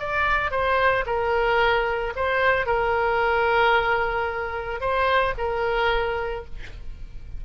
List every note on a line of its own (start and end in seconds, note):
0.00 0.52 D5
0.52 1.05 C5
1.06 2.14 A#4
2.16 2.67 C5
2.67 4.81 A#4
4.81 5.34 C5
5.38 6.45 A#4